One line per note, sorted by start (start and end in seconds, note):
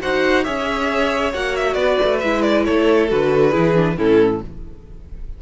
0.00 0.47 D#4
0.00 0.44 F#4
0.00 0.44 C5
0.00 0.43 F#5
0.43 1.33 C#4
0.43 1.32 G#4
0.43 1.76 C#5
0.43 1.32 E5
1.33 1.74 A#3
1.33 2.22 F#4
1.33 1.56 F#5
1.56 1.73 E5
1.73 1.96 B3
1.73 2.65 B4
1.73 2.17 D5
2.03 2.23 A3
2.20 2.67 G#3
2.20 3.08 E4
2.20 2.42 E5
2.42 2.64 D5
2.65 3.11 A3
2.65 3.50 A4
2.65 3.09 C#5
3.08 3.55 D3
3.08 3.52 F#4
3.08 3.97 B4
3.50 3.97 E3
3.50 3.74 E4
3.50 3.94 G#4
3.74 3.96 D4
3.97 4.41 A2
3.97 4.41 C#4
3.97 4.41 E4
3.97 4.41 A4